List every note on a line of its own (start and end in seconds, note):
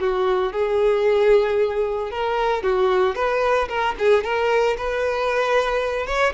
0.00 0.52 F#4
0.52 2.11 G#4
2.11 2.63 A#4
2.63 3.15 F#4
3.15 3.68 B4
3.68 3.95 A#4
3.98 4.24 G#4
4.24 4.77 A#4
4.77 6.07 B4
6.07 6.33 C#5